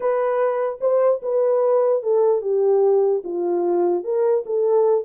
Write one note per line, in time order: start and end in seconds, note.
0.00 0.79 B4
0.80 1.21 C5
1.22 2.02 B4
2.02 2.41 A4
2.41 3.22 G4
3.23 4.03 F4
4.03 4.44 A#4
4.46 5.05 A4